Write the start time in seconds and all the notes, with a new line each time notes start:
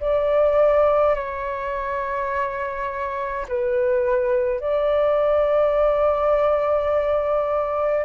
0.00 D5
1.15 C#5
3.48 B4
4.60 D5